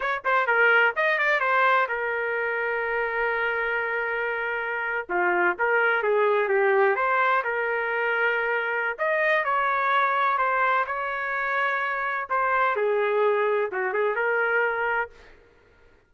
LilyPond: \new Staff \with { instrumentName = "trumpet" } { \time 4/4 \tempo 4 = 127 cis''8 c''8 ais'4 dis''8 d''8 c''4 | ais'1~ | ais'2~ ais'8. f'4 ais'16~ | ais'8. gis'4 g'4 c''4 ais'16~ |
ais'2. dis''4 | cis''2 c''4 cis''4~ | cis''2 c''4 gis'4~ | gis'4 fis'8 gis'8 ais'2 | }